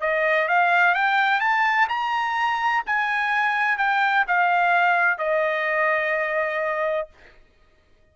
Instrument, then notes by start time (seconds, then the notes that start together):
trumpet
0.00 D#5
0.48 F5
0.94 G5
1.40 A5
1.88 A#5
2.86 G#5
3.77 G5
4.27 F5
5.18 D#5